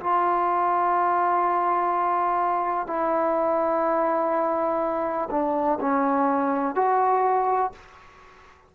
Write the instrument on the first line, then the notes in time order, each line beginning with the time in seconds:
trombone
0.00 F4
2.86 E4
5.30 D4
5.80 C#4
6.75 F#4